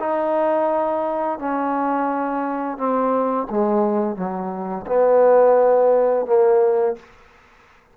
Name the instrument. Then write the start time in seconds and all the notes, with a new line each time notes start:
trombone
0.00 D#4
1.39 C#4
2.78 C4
3.50 G#3
4.16 F#3
4.87 B3
6.27 A#3